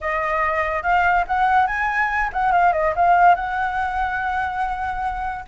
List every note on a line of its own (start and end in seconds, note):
0.00 0.82 D#5
0.82 1.24 F5
1.27 1.66 F#5
1.66 2.29 G#5
2.32 2.52 F#5
2.52 2.73 F5
2.73 2.94 D#5
2.95 3.35 F5
3.35 5.44 F#5